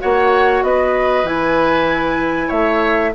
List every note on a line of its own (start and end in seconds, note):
0.00 0.63 A#3
0.00 1.25 F#4
0.00 0.64 C#5
0.00 0.64 F#5
0.63 1.24 B3
0.63 2.48 B4
0.63 1.27 D#5
1.24 2.49 E3
1.24 3.12 E4
1.24 2.50 G#5
2.48 3.14 A3
2.48 3.10 C#5
2.48 3.13 E5